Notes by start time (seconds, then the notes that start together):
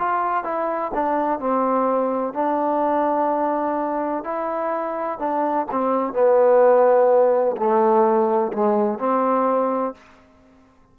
0.00 F4
0.45 E4
0.94 D4
1.40 C4
2.34 D4
4.25 E4
5.19 D4
5.71 C4
6.13 B3
7.57 A3
8.53 G#3
9.00 C4